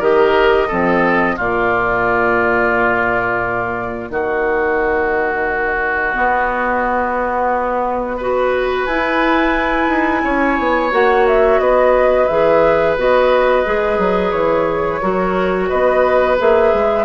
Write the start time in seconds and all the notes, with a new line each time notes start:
0.00 D#3 G4 A#4 D#5
0.68 F3 C4 A4
1.36 A#2 A#3 F4 D5
4.10 D#3 F#4 D#5
6.15 B3
8.17 F#4 B4
8.86 E4 G#5
9.88 D#4
10.25 C#4 C#5
10.59 B3
10.92 A#3 F#4 F#5
11.28 E5
11.60 B3 B4 D#5
12.28 E3 G#4 E5
12.97 B3 F#4 D#5
13.65 G#3 G#4
13.99 F#3
14.32 E3 C#5
15.02 F#3 F#4 A#4
15.69 B3 B4 D#5
16.39 A#3 G#4 E5
16.74 G#3